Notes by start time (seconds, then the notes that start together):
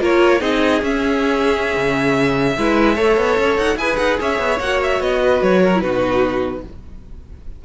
0.00 A#3 F4 A#4 C#5
0.40 C4 D#4 G#4 D#5
0.81 C#4 E5
1.76 C#3
2.57 G#3 E4 B4
2.94 A3 A4 C#5
3.17 B3
3.37 C#4
3.56 D#4 F#5
3.76 E4 G#4 B4 G#5
3.96 D#4 F#5
4.19 C#4 C#5 E5
4.38 B3
4.59 A#3 F#4 F#5
4.82 E5
5.00 B3 D#5
5.22 B4
5.42 F#3 C#5
5.62 A#4
5.75 E4 B4
5.81 B2 D#4 F#4